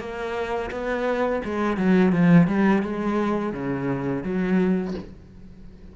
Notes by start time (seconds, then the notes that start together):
0.00 A#3
0.71 B3
1.45 G#3
1.77 F#3
2.12 F3
2.47 G3
2.83 G#3
3.53 C#3
4.24 F#3